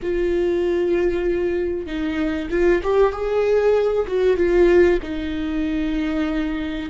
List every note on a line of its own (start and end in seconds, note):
0.02 1.86 F4
1.86 2.49 D#4
2.50 2.81 F4
2.83 3.12 G4
3.12 4.06 G#4
4.07 4.36 F#4
4.36 4.99 F4
5.02 6.89 D#4